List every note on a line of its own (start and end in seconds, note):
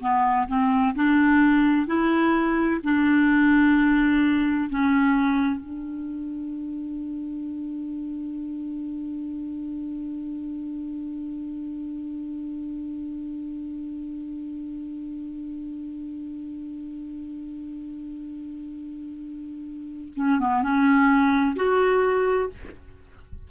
0.00 0.47 B3
0.48 0.95 C4
0.95 1.87 D4
1.87 2.80 E4
2.83 4.69 D4
4.69 5.60 C#4
5.60 20.13 D4
20.16 20.39 C#4
20.39 20.62 B3
20.62 21.55 C#4
21.55 22.49 F#4